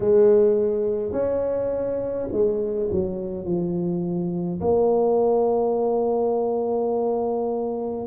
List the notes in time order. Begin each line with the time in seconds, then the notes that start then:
0.00 G#3
1.12 C#4
2.31 G#3
2.91 F#3
3.45 F3
4.60 A#3